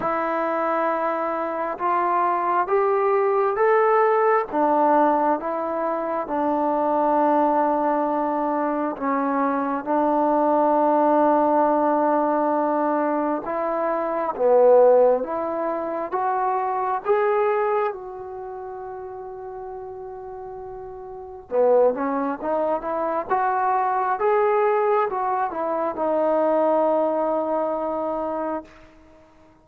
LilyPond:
\new Staff \with { instrumentName = "trombone" } { \time 4/4 \tempo 4 = 67 e'2 f'4 g'4 | a'4 d'4 e'4 d'4~ | d'2 cis'4 d'4~ | d'2. e'4 |
b4 e'4 fis'4 gis'4 | fis'1 | b8 cis'8 dis'8 e'8 fis'4 gis'4 | fis'8 e'8 dis'2. | }